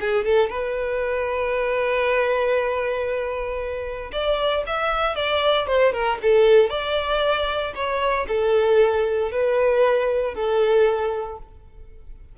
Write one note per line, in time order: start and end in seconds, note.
0.00 0.24 G#4
0.24 0.49 A4
0.49 4.11 B4
4.12 4.64 D5
4.66 5.15 E5
5.15 5.67 D5
5.67 5.92 C5
5.92 6.18 A#4
6.22 6.70 A4
6.70 7.73 D5
7.75 8.26 C#5
8.28 9.31 A4
9.32 10.35 B4
10.35 11.38 A4